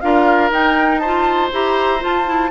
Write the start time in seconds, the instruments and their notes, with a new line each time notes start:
0.00 bassoon D4, clarinet F4, oboe A#4, flute F5
0.50 bassoon D#4, clarinet D#4, flute G5
0.98 clarinet F4, oboe C5, flute A5
1.52 bassoon E4, clarinet G4, flute A#5
2.00 clarinet F4, bassoon F4, flute A5
2.25 clarinet E4